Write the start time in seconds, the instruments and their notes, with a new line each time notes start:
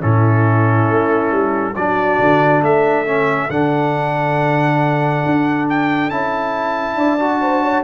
0.00 tuba A2, trombone C#4, horn E4, trumpet A4
0.90 tuba A3
1.31 tuba G3
1.75 tuba F#3, trombone D4, horn F#4, trumpet D5
2.20 tuba D3
2.62 tuba A3, horn A4, trumpet E5
3.06 trombone C#4
3.49 tuba D3, trombone D4, trumpet F#5
5.25 tuba D4
5.69 trumpet G5
6.09 tuba C#4, trombone E4, trumpet A5
6.95 tuba D4, horn D5
7.19 trombone F#4
7.41 horn C5
7.62 horn C#5